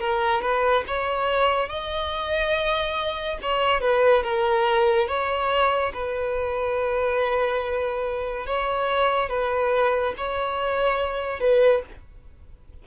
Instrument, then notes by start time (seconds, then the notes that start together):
violin
0.00 A#4
0.41 B4
0.87 C#5
1.69 D#5
3.42 C#5
3.81 B4
4.23 A#4
5.08 C#5
5.94 B4
8.46 C#5
9.29 B4
10.18 C#5
11.40 B4